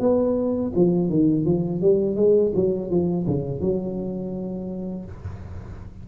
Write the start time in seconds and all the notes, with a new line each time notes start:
0.00 B3
0.76 F3
1.10 D#3
1.46 F3
1.82 G3
2.16 G#3
2.55 F#3
2.90 F3
3.28 C#3
3.61 F#3